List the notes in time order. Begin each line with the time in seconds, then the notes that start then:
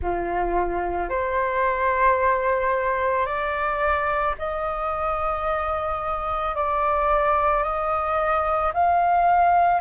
0.01 F4
1.09 C5
3.25 D5
4.38 D#5
6.55 D5
7.63 D#5
8.73 F5